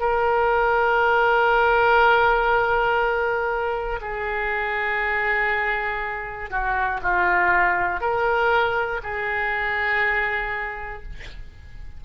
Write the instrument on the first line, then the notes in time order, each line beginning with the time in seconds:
oboe
0.00 A#4
4.02 G#4
6.51 F#4
7.03 F4
8.01 A#4
9.03 G#4